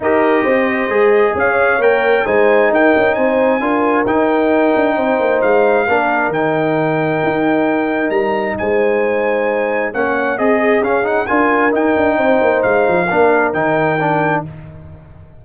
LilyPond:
<<
  \new Staff \with { instrumentName = "trumpet" } { \time 4/4 \tempo 4 = 133 dis''2. f''4 | g''4 gis''4 g''4 gis''4~ | gis''4 g''2. | f''2 g''2~ |
g''2 ais''4 gis''4~ | gis''2 fis''4 dis''4 | f''8 fis''8 gis''4 g''2 | f''2 g''2 | }
  \new Staff \with { instrumentName = "horn" } { \time 4/4 ais'4 c''2 cis''4~ | cis''4 c''4 ais'4 c''4 | ais'2. c''4~ | c''4 ais'2.~ |
ais'2. c''4~ | c''2 cis''4 gis'4~ | gis'4 ais'2 c''4~ | c''4 ais'2. | }
  \new Staff \with { instrumentName = "trombone" } { \time 4/4 g'2 gis'2 | ais'4 dis'2. | f'4 dis'2.~ | dis'4 d'4 dis'2~ |
dis'1~ | dis'2 cis'4 gis'4 | cis'8 dis'8 f'4 dis'2~ | dis'4 d'4 dis'4 d'4 | }
  \new Staff \with { instrumentName = "tuba" } { \time 4/4 dis'4 c'4 gis4 cis'4 | ais4 gis4 dis'8 cis'8 c'4 | d'4 dis'4. d'8 c'8 ais8 | gis4 ais4 dis2 |
dis'2 g4 gis4~ | gis2 ais4 c'4 | cis'4 d'4 dis'8 d'8 c'8 ais8 | gis8 f8 ais4 dis2 | }
>>